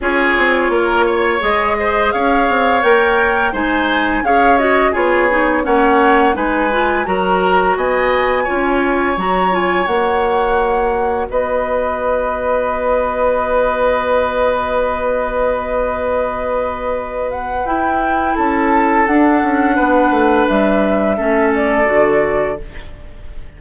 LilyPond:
<<
  \new Staff \with { instrumentName = "flute" } { \time 4/4 \tempo 4 = 85 cis''2 dis''4 f''4 | g''4 gis''4 f''8 dis''8 cis''4 | fis''4 gis''4 ais''4 gis''4~ | gis''4 ais''8 gis''8 fis''2 |
dis''1~ | dis''1~ | dis''8 fis''8 g''4 a''4 fis''4~ | fis''4 e''4. d''4. | }
  \new Staff \with { instrumentName = "oboe" } { \time 4/4 gis'4 ais'8 cis''4 c''8 cis''4~ | cis''4 c''4 cis''4 gis'4 | cis''4 b'4 ais'4 dis''4 | cis''1 |
b'1~ | b'1~ | b'2 a'2 | b'2 a'2 | }
  \new Staff \with { instrumentName = "clarinet" } { \time 4/4 f'2 gis'2 | ais'4 dis'4 gis'8 fis'8 f'8 dis'8 | cis'4 dis'8 f'8 fis'2 | f'4 fis'8 f'8 fis'2~ |
fis'1~ | fis'1~ | fis'4 e'2 d'4~ | d'2 cis'4 fis'4 | }
  \new Staff \with { instrumentName = "bassoon" } { \time 4/4 cis'8 c'8 ais4 gis4 cis'8 c'8 | ais4 gis4 cis'4 b4 | ais4 gis4 fis4 b4 | cis'4 fis4 ais2 |
b1~ | b1~ | b4 e'4 cis'4 d'8 cis'8 | b8 a8 g4 a4 d4 | }
>>